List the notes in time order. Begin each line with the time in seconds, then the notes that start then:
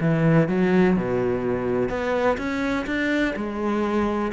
0.00 E3
0.48 F#3
0.96 B2
1.89 B3
2.37 C#4
2.86 D4
3.36 G#3